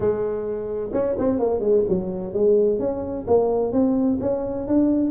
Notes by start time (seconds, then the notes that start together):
0.00 G#3
0.92 C#4
1.18 C4
1.39 A#3
1.60 G#3
1.88 F#3
2.33 G#3
2.79 C#4
3.27 A#3
3.72 C4
4.21 C#4
4.67 D4